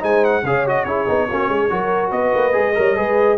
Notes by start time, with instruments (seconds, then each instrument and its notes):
0.00 tuba G#3, trombone D#4, horn C5, trumpet G#5
0.25 trumpet F#5
0.43 tuba C#3, trombone G#4, horn C#5, trumpet F5
0.67 trombone F#4, trumpet D#5
0.84 tuba C#4, trombone E4, horn G#4, trumpet C#5
1.07 tuba B3, trombone D#4
1.30 tuba A#3, trombone C#4, horn F#4
1.49 tuba G#3, horn G#4
1.70 tuba F#3, trombone F#4, horn A#4
2.11 tuba B3, horn B4, trumpet D#5
2.34 tuba A#3
2.52 tuba G#3, trombone G#4
2.75 tuba G3, trombone A#4, horn C#5
2.96 tuba G#3, trombone G#4, horn B4